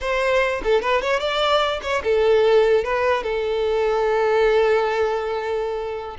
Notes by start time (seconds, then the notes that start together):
0.00 C5
0.63 A4
0.81 B4
1.01 C#5
1.19 D5
1.82 C#5
2.03 A4
2.84 B4
3.23 A4